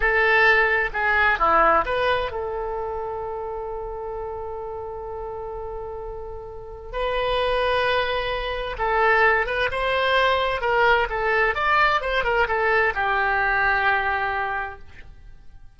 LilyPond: \new Staff \with { instrumentName = "oboe" } { \time 4/4 \tempo 4 = 130 a'2 gis'4 e'4 | b'4 a'2.~ | a'1~ | a'2. b'4~ |
b'2. a'4~ | a'8 b'8 c''2 ais'4 | a'4 d''4 c''8 ais'8 a'4 | g'1 | }